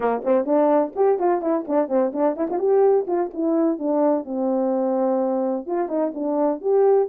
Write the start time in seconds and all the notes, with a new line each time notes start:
0.00 A#3
0.24 C4
0.45 D4
0.95 G4
1.19 F4
1.41 E4
1.67 D4
1.88 C4
2.12 D4
2.36 E4
2.49 F4
2.59 G4
3.07 F4
3.33 E4
3.79 D4
4.24 C4
5.66 F4
5.88 D#4
6.14 D4
6.61 G4